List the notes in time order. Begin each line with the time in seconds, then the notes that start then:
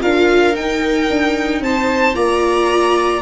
0.00 D4 F4 A#4 F5
0.55 D#4 G5
1.09 D4
1.60 C4 C5 A5
2.13 A#3 F4 D5 A#5